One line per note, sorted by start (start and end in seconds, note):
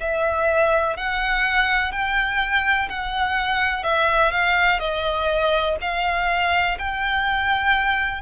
0.00 0.96 E5
0.96 1.91 F#5
1.91 2.88 G5
2.89 3.83 F#5
3.83 4.31 E5
4.31 4.79 F5
4.79 5.76 D#5
5.81 6.77 F5
6.78 8.22 G5